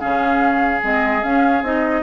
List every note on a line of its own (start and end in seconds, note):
0.00 0.83 C#3
0.00 0.81 C#4
0.00 2.03 G#4
0.00 0.82 F5
0.82 1.23 G#3
0.82 1.23 C4
0.82 1.24 D#5
1.23 1.62 C#4
1.23 1.64 C#4
1.23 1.64 F5
1.62 2.03 C4
1.62 2.03 D#4
1.62 2.03 D#5